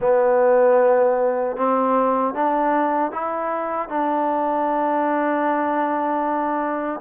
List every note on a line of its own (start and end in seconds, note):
0.00 1.56 B3
1.56 2.34 C4
2.34 3.11 D4
3.11 3.88 E4
3.88 7.00 D4